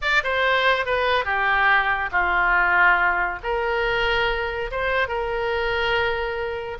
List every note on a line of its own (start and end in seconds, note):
0.01 0.22 D5
0.23 0.85 C5
0.85 1.24 B4
1.24 2.09 G4
2.11 3.39 F4
3.43 4.70 A#4
4.71 5.08 C5
5.08 6.78 A#4